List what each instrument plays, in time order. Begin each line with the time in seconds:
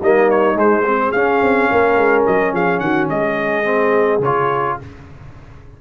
0.00 tuba G3, trombone A#3, horn D#4, trumpet D#5
0.30 trumpet C#5
0.54 trombone G#3, tuba G#3, trumpet C5
0.86 trombone C4, horn G#4
1.12 tuba C#4, trombone C#4, trumpet F5
1.42 tuba C4
1.71 tuba A#3, horn A#4
1.96 tuba G#3
2.26 tuba F#3, trumpet D#5
2.53 tuba F3, horn G#4, trumpet F5
2.79 tuba D#3, horn F#4, trumpet F#5
3.09 tuba G#3, horn G#4, trumpet D#5
3.64 trombone C4
4.19 tuba C#3, trombone F4, trumpet C#5